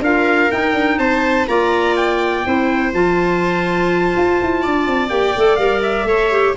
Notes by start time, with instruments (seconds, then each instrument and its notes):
0.00 tuba D4, clarinet F4, viola A#4, trumpet F5
0.51 clarinet D#4, tuba D#4, trumpet G5
0.73 tuba D4
0.98 tuba C4, viola C5, trumpet A5
1.48 tuba A#3, clarinet F4, viola D5, trumpet A#5
1.97 trumpet G5
2.45 tuba C4, clarinet E4, viola C5
2.94 tuba F3, clarinet F4, trumpet A5
4.17 tuba F4
4.41 tuba E4
4.62 tuba D4, viola D5
4.87 tuba C4
5.09 tuba A#3, clarinet G4, trumpet G5
5.37 tuba A3, clarinet A4
5.56 tuba G3, clarinet A#4, trumpet F5
5.82 trumpet E5
6.04 tuba A3, clarinet A4, viola C#5
6.31 clarinet G4